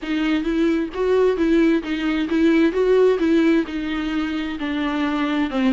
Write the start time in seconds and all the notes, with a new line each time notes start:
0.02 D#4
0.43 E4
0.94 F#4
1.36 E4
1.82 D#4
2.29 E4
2.72 F#4
3.19 E4
3.66 D#4
4.59 D4
5.50 C4